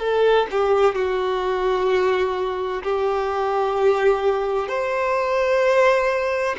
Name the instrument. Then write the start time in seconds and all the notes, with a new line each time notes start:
violin
0.00 A4
0.52 G4
0.95 F#4
2.83 G4
4.69 C5